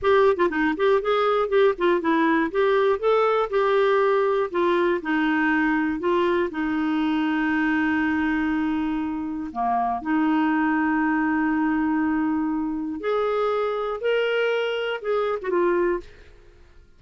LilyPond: \new Staff \with { instrumentName = "clarinet" } { \time 4/4 \tempo 4 = 120 g'8. f'16 dis'8 g'8 gis'4 g'8 f'8 | e'4 g'4 a'4 g'4~ | g'4 f'4 dis'2 | f'4 dis'2.~ |
dis'2. ais4 | dis'1~ | dis'2 gis'2 | ais'2 gis'8. fis'16 f'4 | }